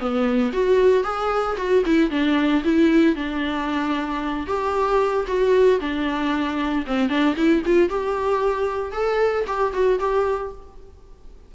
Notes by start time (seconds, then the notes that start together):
0.00 B3
0.53 F#4
1.04 G#4
1.58 F#4
1.86 E4
2.11 D4
2.65 E4
3.16 D4
4.47 G4
5.28 F#4
5.81 D4
6.87 C4
7.10 D4
7.36 E4
7.66 F4
7.90 G4
8.93 A4
9.47 G4
9.74 F#4
10.00 G4